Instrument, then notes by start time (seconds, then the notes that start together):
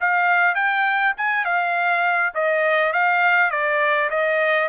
trumpet
0.00 F5
0.55 G5
1.17 G#5
1.45 F5
2.34 D#5
2.92 F5
3.51 D5
4.10 D#5